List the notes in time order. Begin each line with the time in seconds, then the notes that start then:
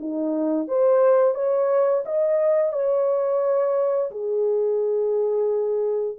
0.00 D#4
0.68 C5
1.35 C#5
2.06 D#5
2.73 C#5
4.11 G#4